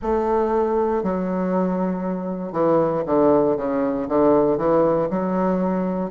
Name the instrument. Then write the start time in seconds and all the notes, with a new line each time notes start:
bassoon
0.01 A3
1.03 F#3
2.52 E3
3.06 D3
3.56 C#3
4.08 D3
4.57 E3
5.09 F#3